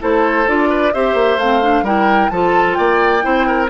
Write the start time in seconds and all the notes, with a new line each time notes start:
0.00 A3 E4 A4 C5
0.47 D4 F4 D5
0.70 B4
0.93 C4 G4 C5 E5
1.14 A#3
1.37 A3 C4 F5
1.62 D4
1.82 G3 E4 A#4 G5
2.30 F3 F4 A4 A5
2.74 A#3 D5 G5
3.21 C4 E4 C5
3.47 A#4